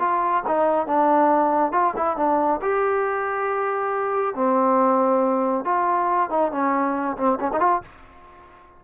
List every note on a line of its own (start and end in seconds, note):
0.00 0.43 F4
0.47 0.87 D#4
0.87 1.73 D4
1.73 1.94 F4
1.97 2.17 E4
2.17 2.61 D4
2.62 4.35 G4
4.35 5.65 C4
5.65 6.30 F4
6.30 6.52 D#4
6.52 7.17 C#4
7.17 7.39 C4
7.40 7.51 C#4
7.53 7.60 D#4
7.60 7.82 F4